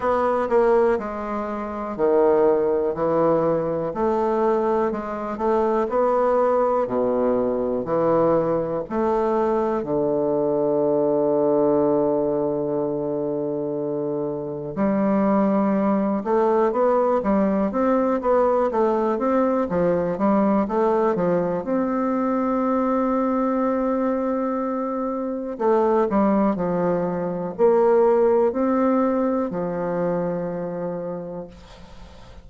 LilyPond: \new Staff \with { instrumentName = "bassoon" } { \time 4/4 \tempo 4 = 61 b8 ais8 gis4 dis4 e4 | a4 gis8 a8 b4 b,4 | e4 a4 d2~ | d2. g4~ |
g8 a8 b8 g8 c'8 b8 a8 c'8 | f8 g8 a8 f8 c'2~ | c'2 a8 g8 f4 | ais4 c'4 f2 | }